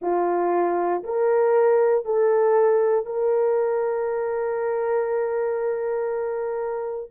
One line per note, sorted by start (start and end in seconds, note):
0.01 1.03 F4
1.04 2.05 A#4
2.05 3.05 A4
3.05 7.10 A#4